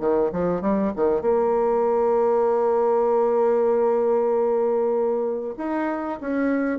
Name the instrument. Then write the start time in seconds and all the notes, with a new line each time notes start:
bassoon
0.00 D#3
0.32 F3
0.62 G3
0.96 D#3
1.22 A#3
5.58 D#4
6.21 C#4